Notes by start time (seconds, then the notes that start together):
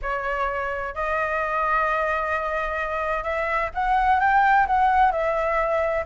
0.02 C#5
0.95 D#5
3.23 E5
3.74 F#5
4.20 G5
4.66 F#5
5.11 E5